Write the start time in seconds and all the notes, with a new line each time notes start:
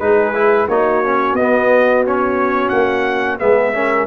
0.00 G#3 D#4 G#4 B4
0.35 E4
0.68 A#3 D#4 F#4 C#5
1.05 C#4
1.33 B3 D#5
1.40 B3
2.06 C#4 C#5
2.69 A#3 F#5
3.40 G#3 B3 G#4 E5
3.74 C#4 A#4